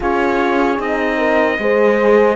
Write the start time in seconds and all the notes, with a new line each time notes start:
0.00 C#4 F4 G#4 C#5
0.78 C4 D#4 D#5
1.17 A#4
1.58 G#3 G#4 C5